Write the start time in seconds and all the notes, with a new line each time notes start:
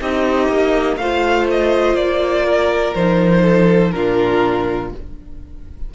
0.00 C4 D#4 G4 D#5
0.49 A#3
0.97 A3 F4 C5 F5
1.51 D#5
1.95 A#3 D5
2.46 A#4
2.95 F3 D#4 C5
3.43 A4
3.92 A#2 D4 F4 A#4